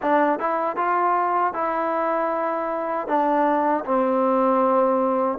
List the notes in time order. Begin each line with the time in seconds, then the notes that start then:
0.02 D4
0.38 E4
0.76 F4
1.53 E4
3.07 D4
3.85 C4